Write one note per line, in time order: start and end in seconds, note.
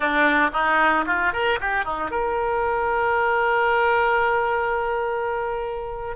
0.00 0.50 D4
0.52 1.05 D#4
1.06 1.33 F4
1.33 1.59 A#4
1.60 1.84 G4
1.84 2.10 D#4
2.10 6.16 A#4